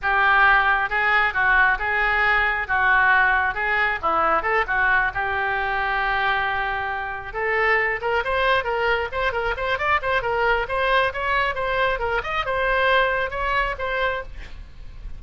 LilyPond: \new Staff \with { instrumentName = "oboe" } { \time 4/4 \tempo 4 = 135 g'2 gis'4 fis'4 | gis'2 fis'2 | gis'4 e'4 a'8 fis'4 g'8~ | g'1~ |
g'8 a'4. ais'8 c''4 ais'8~ | ais'8 c''8 ais'8 c''8 d''8 c''8 ais'4 | c''4 cis''4 c''4 ais'8 dis''8 | c''2 cis''4 c''4 | }